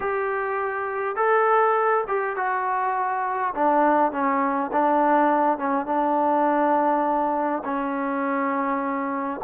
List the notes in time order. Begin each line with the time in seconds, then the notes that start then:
0.00 G4
1.16 A4
2.07 G4
2.36 F#4
3.55 D4
4.12 C#4
4.72 D4
5.58 C#4
5.86 D4
7.64 C#4